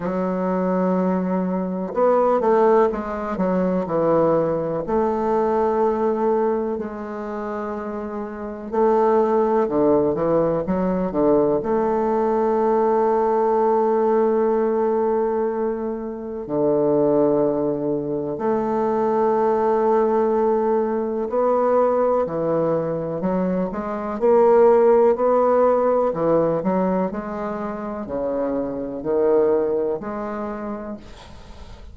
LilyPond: \new Staff \with { instrumentName = "bassoon" } { \time 4/4 \tempo 4 = 62 fis2 b8 a8 gis8 fis8 | e4 a2 gis4~ | gis4 a4 d8 e8 fis8 d8 | a1~ |
a4 d2 a4~ | a2 b4 e4 | fis8 gis8 ais4 b4 e8 fis8 | gis4 cis4 dis4 gis4 | }